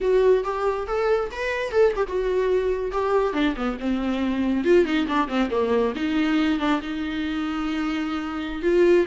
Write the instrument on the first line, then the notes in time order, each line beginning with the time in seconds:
viola
0.00 F#4
0.44 G4
0.87 A4
1.31 B4
1.71 A4
1.95 G4
2.07 F#4
2.91 G4
3.33 D4
3.56 B3
3.79 C4
4.64 F4
4.85 D#4
5.07 D4
5.28 C4
5.50 A#3
5.95 D#4
6.59 D4
6.81 D#4
8.62 F4